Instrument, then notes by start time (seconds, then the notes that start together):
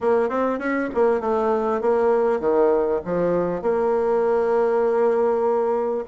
bassoon
0.00 A#3
0.29 C4
0.59 C#4
0.94 A#3
1.20 A3
1.81 A#3
2.40 D#3
3.05 F3
3.61 A#3